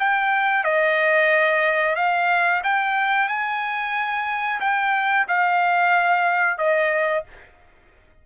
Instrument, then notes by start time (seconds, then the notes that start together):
trumpet
0.00 G5
0.64 D#5
1.96 F5
2.64 G5
3.29 G#5
4.61 G5
5.28 F5
6.58 D#5